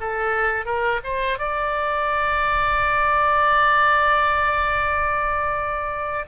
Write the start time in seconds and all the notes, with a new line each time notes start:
0.00 A4
0.65 A#4
1.04 C5
1.38 D5